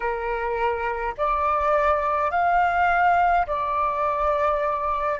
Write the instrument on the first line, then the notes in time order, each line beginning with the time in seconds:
flute
0.00 A#4
1.17 D5
2.30 F5
3.46 D5